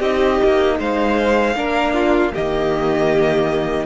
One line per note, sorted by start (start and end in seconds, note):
0.00 0.39 C4
0.00 1.56 D#4
0.00 0.77 G4
0.00 0.78 D#5
0.44 0.80 A#3
0.79 1.55 G#3
0.79 1.56 C5
0.79 2.35 F5
1.55 2.32 A#3
1.55 2.33 D4
1.55 1.94 A#4
1.94 2.33 F4
2.33 3.86 D#3
2.33 3.86 A#3
2.33 3.86 G4
2.33 3.86 D#5